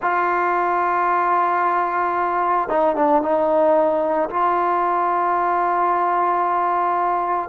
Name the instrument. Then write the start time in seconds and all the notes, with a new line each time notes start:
trombone
0.02 F4
2.68 D#4
2.95 D4
3.21 D#4
4.29 F4